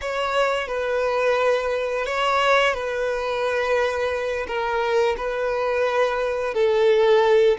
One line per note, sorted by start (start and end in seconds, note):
0.01 0.67 C#5
0.67 2.05 B4
2.05 2.74 C#5
2.74 4.46 B4
4.47 5.16 A#4
5.17 6.54 B4
6.54 7.57 A4